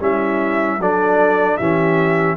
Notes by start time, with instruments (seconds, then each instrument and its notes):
0.00 tuba G3, trombone C#4, horn E4, trumpet E5
0.79 tuba F#3, trombone D4, horn A4, trumpet D5
1.57 tuba E3, trombone C#4, horn G4, trumpet E5